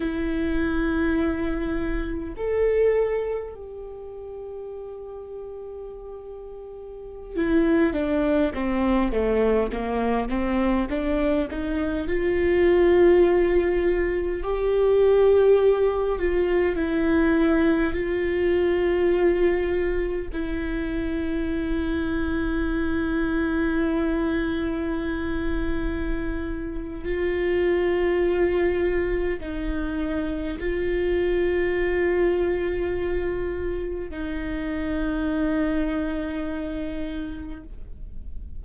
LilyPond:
\new Staff \with { instrumentName = "viola" } { \time 4/4 \tempo 4 = 51 e'2 a'4 g'4~ | g'2~ g'16 e'8 d'8 c'8 a16~ | a16 ais8 c'8 d'8 dis'8 f'4.~ f'16~ | f'16 g'4. f'8 e'4 f'8.~ |
f'4~ f'16 e'2~ e'8.~ | e'2. f'4~ | f'4 dis'4 f'2~ | f'4 dis'2. | }